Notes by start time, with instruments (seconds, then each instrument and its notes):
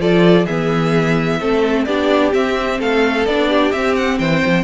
0.00 cello F3, viola F4, violin A4 D5
0.46 cello E3, viola B3, violin G#4 E5
1.40 cello A3, viola C4, violin A4
1.84 cello B3, viola D4, violin G4 D5
2.32 viola C4, cello C4, violin E5
2.79 cello A3, violin A4 F5
3.25 cello B3, viola D4, violin D5
3.49 violin G4
3.72 cello C4, viola C4, violin E5
3.96 violin F#5
4.18 cello E3, violin C5 G5
4.45 cello F3